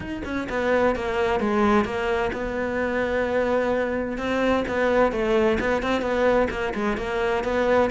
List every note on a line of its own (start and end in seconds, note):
0.00 0.22 D#4
0.24 0.48 C#4
0.49 0.95 B3
0.95 1.40 A#3
1.40 1.84 G#3
1.84 2.31 A#3
2.33 4.17 B3
4.17 4.64 C4
4.67 5.12 B3
5.12 5.58 A3
5.60 5.82 B3
5.82 6.01 C4
6.01 6.48 B3
6.50 6.73 A#3
6.74 6.97 G#3
6.97 7.43 A#3
7.44 7.90 B3